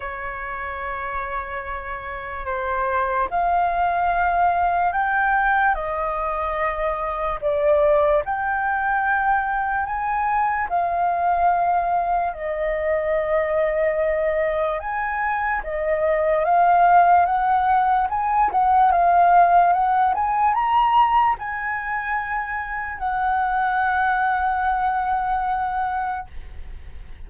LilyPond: \new Staff \with { instrumentName = "flute" } { \time 4/4 \tempo 4 = 73 cis''2. c''4 | f''2 g''4 dis''4~ | dis''4 d''4 g''2 | gis''4 f''2 dis''4~ |
dis''2 gis''4 dis''4 | f''4 fis''4 gis''8 fis''8 f''4 | fis''8 gis''8 ais''4 gis''2 | fis''1 | }